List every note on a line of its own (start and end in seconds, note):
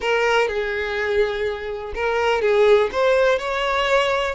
0.00 0.48 A#4
0.48 1.93 G#4
1.95 2.41 A#4
2.41 2.90 G#4
2.92 3.38 C5
3.38 4.34 C#5